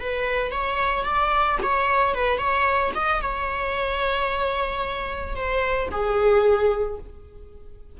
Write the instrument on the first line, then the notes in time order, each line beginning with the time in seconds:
viola
0.00 B4
0.52 C#5
1.05 D5
1.63 C#5
2.15 B4
2.38 C#5
2.95 D#5
3.22 C#5
5.36 C5
5.91 G#4